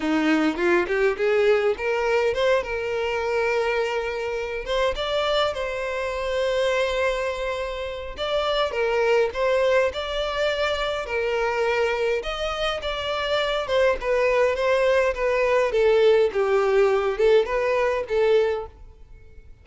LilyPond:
\new Staff \with { instrumentName = "violin" } { \time 4/4 \tempo 4 = 103 dis'4 f'8 g'8 gis'4 ais'4 | c''8 ais'2.~ ais'8 | c''8 d''4 c''2~ c''8~ | c''2 d''4 ais'4 |
c''4 d''2 ais'4~ | ais'4 dis''4 d''4. c''8 | b'4 c''4 b'4 a'4 | g'4. a'8 b'4 a'4 | }